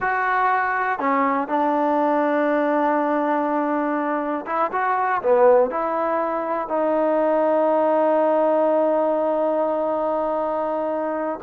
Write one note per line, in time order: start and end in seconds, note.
0.00 0.99 F#4
0.99 1.47 C#4
1.47 4.45 D4
4.46 4.71 E4
4.72 5.21 F#4
5.22 5.70 B3
5.70 6.68 E4
6.68 11.39 D#4